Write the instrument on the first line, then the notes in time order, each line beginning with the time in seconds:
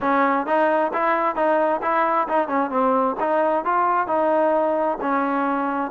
trombone
0.01 C#4
0.46 D#4
0.93 E4
1.35 D#4
1.82 E4
2.28 D#4
2.48 C#4
2.70 C4
3.20 D#4
3.64 F4
4.07 D#4
5.01 C#4